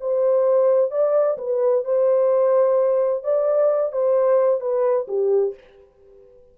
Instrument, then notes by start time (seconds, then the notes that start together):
horn
0.00 C5
0.91 D5
1.38 B4
1.85 C5
3.24 D5
3.92 C5
4.61 B4
5.08 G4